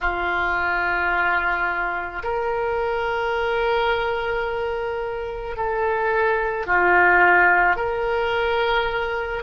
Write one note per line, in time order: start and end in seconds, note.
0.00 2.22 F4
2.23 5.56 A#4
5.56 6.66 A4
6.66 7.76 F4
7.76 9.42 A#4